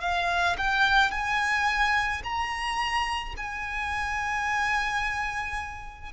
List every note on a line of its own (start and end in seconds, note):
0.00 0.56 F5
0.58 1.11 G5
1.11 2.22 G#5
2.23 3.34 A#5
3.36 6.12 G#5